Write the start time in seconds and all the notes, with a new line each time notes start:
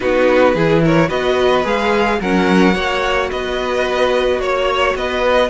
0.00 B3 D#4 F#4 B4
0.54 E3 E4 G#4
0.83 A#4 C#5
1.08 B3 F#4 B4 D#5
1.63 G#3 G#4 F5
2.20 F#3 C#4 A#4 F#5
2.72 A#3 F#4 C#5
3.31 B3 B4 D#5
4.39 A#3 C#5
4.95 B3 B4 D#5